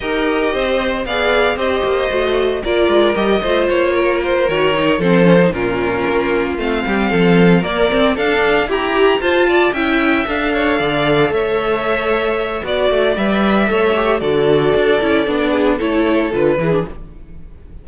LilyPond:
<<
  \new Staff \with { instrumentName = "violin" } { \time 4/4 \tempo 4 = 114 dis''2 f''4 dis''4~ | dis''4 d''4 dis''4 cis''4 | c''8 cis''4 c''4 ais'4.~ | ais'8 f''2 d''4 f''8~ |
f''8 ais''4 a''4 g''4 f''8~ | f''4. e''2~ e''8 | d''4 e''2 d''4~ | d''2 cis''4 b'4 | }
  \new Staff \with { instrumentName = "violin" } { \time 4/4 ais'4 c''4 d''4 c''4~ | c''4 ais'4. c''4 ais'8~ | ais'4. a'4 f'4.~ | f'4 g'8 a'4 ais'4 a'8~ |
a'8 g'4 c''8 d''8 e''4. | cis''8 d''4 cis''2~ cis''8 | d''2 cis''4 a'4~ | a'4. gis'8 a'4. gis'8 | }
  \new Staff \with { instrumentName = "viola" } { \time 4/4 g'2 gis'4 g'4 | fis'4 f'4 g'8 f'4.~ | f'8 fis'8 dis'8 c'8 cis'16 dis'16 cis'4.~ | cis'8 c'2 ais8 c'8 d'8~ |
d'8 g'4 f'4 e'4 a'8~ | a'1 | fis'4 b'4 a'8 g'8 fis'4~ | fis'8 e'8 d'4 e'4 f'8 e'16 d'16 | }
  \new Staff \with { instrumentName = "cello" } { \time 4/4 dis'4 c'4 b4 c'8 ais8 | a4 ais8 gis8 g8 a8 ais4~ | ais8 dis4 f4 ais,4 ais8~ | ais8 a8 g8 f4 ais8 c'8 d'8~ |
d'8 e'4 f'4 cis'4 d'8~ | d'8 d4 a2~ a8 | b8 a8 g4 a4 d4 | d'8 cis'8 b4 a4 d8 e8 | }
>>